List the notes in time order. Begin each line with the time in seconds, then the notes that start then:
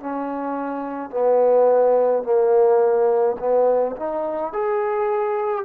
0.00 C#4
1.11 B3
2.23 A#3
3.39 B3
3.97 D#4
4.53 G#4